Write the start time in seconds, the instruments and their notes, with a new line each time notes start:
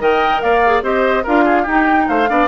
0.00 bassoon D#3, clarinet A#4, oboe D#5, flute G5
0.42 bassoon A#3, oboe D5, flute F5
0.66 clarinet G#4
0.83 bassoon C4, clarinet G4, oboe C5, flute D#5
1.24 bassoon D4, clarinet F4, oboe A#4, flute F5
1.45 oboe G#4
1.63 bassoon D#4, clarinet D#4, oboe G4, flute G5
2.09 bassoon A3, oboe C5, flute F5
2.27 bassoon B3, clarinet D4, oboe D5